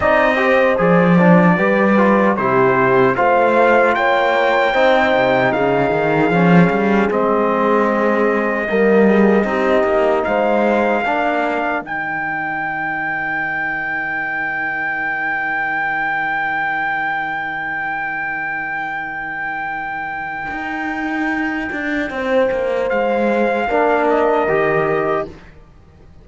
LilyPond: <<
  \new Staff \with { instrumentName = "trumpet" } { \time 4/4 \tempo 4 = 76 dis''4 d''2 c''4 | f''4 g''2 f''4~ | f''4 dis''2.~ | dis''4 f''2 g''4~ |
g''1~ | g''1~ | g''1~ | g''4 f''4. dis''4. | }
  \new Staff \with { instrumentName = "horn" } { \time 4/4 d''8 c''4. b'4 g'4 | c''4 cis''4 c''4 gis'4~ | gis'2. ais'8 gis'8 | g'4 c''4 ais'2~ |
ais'1~ | ais'1~ | ais'1 | c''2 ais'2 | }
  \new Staff \with { instrumentName = "trombone" } { \time 4/4 dis'8 g'8 gis'8 d'8 g'8 f'8 e'4 | f'2 dis'2 | cis'4 c'2 ais4 | dis'2 d'4 dis'4~ |
dis'1~ | dis'1~ | dis'1~ | dis'2 d'4 g'4 | }
  \new Staff \with { instrumentName = "cello" } { \time 4/4 c'4 f4 g4 c4 | a4 ais4 c'8 c8 cis8 dis8 | f8 g8 gis2 g4 | c'8 ais8 gis4 ais4 dis4~ |
dis1~ | dis1~ | dis2 dis'4. d'8 | c'8 ais8 gis4 ais4 dis4 | }
>>